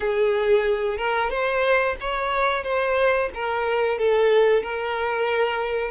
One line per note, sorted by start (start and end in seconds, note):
0.00 0.97 G#4
0.97 1.30 A#4
1.30 1.96 C5
2.00 2.63 C#5
2.63 3.29 C5
3.34 3.98 A#4
3.98 4.62 A4
4.62 5.91 A#4